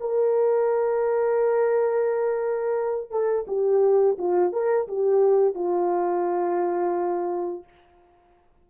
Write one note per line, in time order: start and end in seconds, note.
0.00 3.10 A#4
3.10 3.45 A4
3.47 4.17 G4
4.18 4.52 F4
4.52 4.87 A#4
4.88 5.54 G4
5.54 7.64 F4